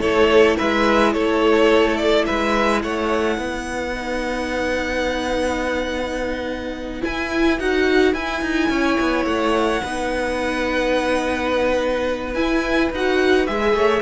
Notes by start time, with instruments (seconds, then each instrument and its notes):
0.00 cello A3, viola E4, violin A4 C#5
0.58 cello G#3, violin B4 E5
1.14 cello A3, violin A4 C#5
1.97 violin D5
2.26 cello G#3, violin B4 E5
2.83 cello A3, violin C#5 F#5
3.38 cello B3, violin B4
3.95 viola D#4
7.02 viola E4, cello E4, violin G#5
7.60 cello D#4, viola F#4, violin F#5
8.14 cello E4, viola E4, violin G#5
8.42 cello D#4
8.70 cello C#4, violin C#5
9.00 cello B3
9.25 cello A3, violin F#5
9.83 cello B3, viola D#4, violin B4
12.34 cello E4, viola E4, violin G#5
12.92 cello D#4, viola F#4, violin F#5
13.47 cello G#3, viola G#4, violin E5
13.74 cello A3, violin C#5